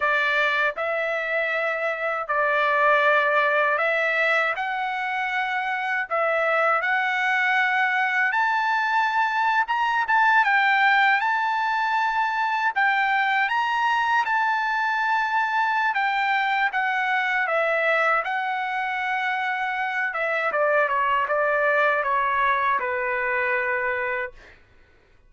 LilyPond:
\new Staff \with { instrumentName = "trumpet" } { \time 4/4 \tempo 4 = 79 d''4 e''2 d''4~ | d''4 e''4 fis''2 | e''4 fis''2 a''4~ | a''8. ais''8 a''8 g''4 a''4~ a''16~ |
a''8. g''4 ais''4 a''4~ a''16~ | a''4 g''4 fis''4 e''4 | fis''2~ fis''8 e''8 d''8 cis''8 | d''4 cis''4 b'2 | }